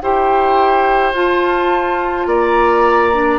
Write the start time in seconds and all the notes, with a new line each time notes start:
0.00 E4 G4 C5 G5
1.13 F4 A5
2.26 A#3 D5 A#5
3.13 D4